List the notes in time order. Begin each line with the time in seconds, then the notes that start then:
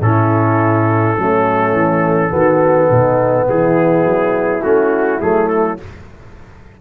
0.00 A2 C#4 E4 A4
1.18 F#3 A3 C#4
1.73 E3
2.29 D#3 B3 F#4
2.90 B2 D#4
3.49 E3 E4 G#4
4.05 F#3
4.62 A3 C#4 F#4
5.20 F#3 A3 G#4
5.49 A4